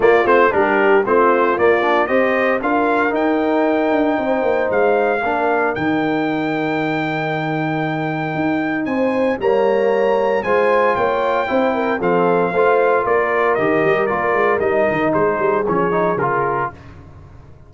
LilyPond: <<
  \new Staff \with { instrumentName = "trumpet" } { \time 4/4 \tempo 4 = 115 d''8 c''8 ais'4 c''4 d''4 | dis''4 f''4 g''2~ | g''4 f''2 g''4~ | g''1~ |
g''4 gis''4 ais''2 | gis''4 g''2 f''4~ | f''4 d''4 dis''4 d''4 | dis''4 c''4 cis''4 ais'4 | }
  \new Staff \with { instrumentName = "horn" } { \time 4/4 f'4 g'4 f'2 | c''4 ais'2. | c''2 ais'2~ | ais'1~ |
ais'4 c''4 cis''2 | c''4 cis''4 c''8 ais'8 a'4 | c''4 ais'2.~ | ais'4 gis'2. | }
  \new Staff \with { instrumentName = "trombone" } { \time 4/4 ais8 c'8 d'4 c'4 ais8 d'8 | g'4 f'4 dis'2~ | dis'2 d'4 dis'4~ | dis'1~ |
dis'2 ais2 | f'2 e'4 c'4 | f'2 g'4 f'4 | dis'2 cis'8 dis'8 f'4 | }
  \new Staff \with { instrumentName = "tuba" } { \time 4/4 ais8 a8 g4 a4 ais4 | c'4 d'4 dis'4. d'8 | c'8 ais8 gis4 ais4 dis4~ | dis1 |
dis'4 c'4 g2 | gis4 ais4 c'4 f4 | a4 ais4 dis8 g8 ais8 gis8 | g8 dis8 gis8 g8 f4 cis4 | }
>>